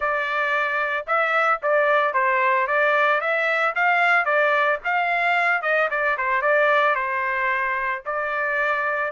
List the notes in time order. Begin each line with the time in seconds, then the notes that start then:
0.00 D5
1.06 E5
1.62 D5
2.13 C5
2.67 D5
3.20 E5
3.75 F5
4.25 D5
4.84 F5
5.62 D#5
5.90 D5
6.17 C5
6.41 D5
6.95 C5
8.05 D5